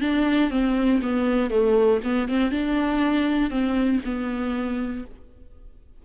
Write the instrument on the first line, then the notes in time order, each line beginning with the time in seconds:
viola
0.00 D4
0.50 C4
1.02 B3
1.50 A3
2.03 B3
2.28 C4
2.51 D4
3.50 C4
4.05 B3